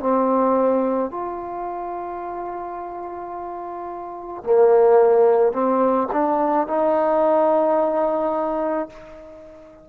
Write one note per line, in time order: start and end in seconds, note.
0.00 1.11 C4
1.11 4.44 F4
4.44 5.53 A#3
5.53 6.08 C4
6.13 6.68 D4
6.68 8.90 D#4